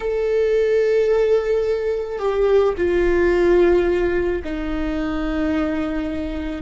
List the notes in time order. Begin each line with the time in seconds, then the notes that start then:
0.00 A4
2.18 G4
2.77 F4
4.43 D#4